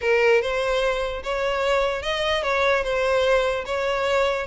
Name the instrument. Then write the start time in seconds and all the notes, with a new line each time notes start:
violin
0.01 A#4
0.41 C5
1.23 C#5
2.02 D#5
2.43 C#5
2.83 C5
3.65 C#5